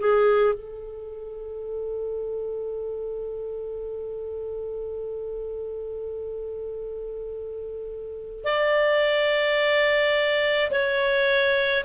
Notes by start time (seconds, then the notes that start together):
0.00 G#4
0.54 A4
8.45 D5
10.71 C#5